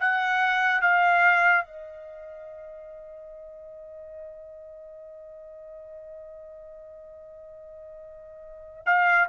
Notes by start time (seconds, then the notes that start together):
0.00 F#5
0.82 F5
1.66 D#5
8.86 F5